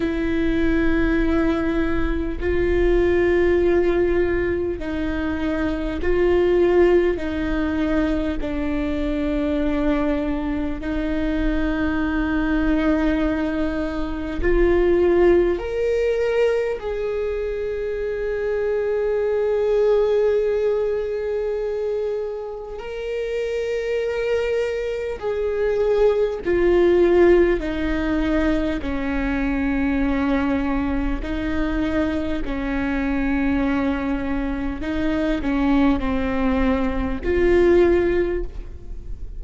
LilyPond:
\new Staff \with { instrumentName = "viola" } { \time 4/4 \tempo 4 = 50 e'2 f'2 | dis'4 f'4 dis'4 d'4~ | d'4 dis'2. | f'4 ais'4 gis'2~ |
gis'2. ais'4~ | ais'4 gis'4 f'4 dis'4 | cis'2 dis'4 cis'4~ | cis'4 dis'8 cis'8 c'4 f'4 | }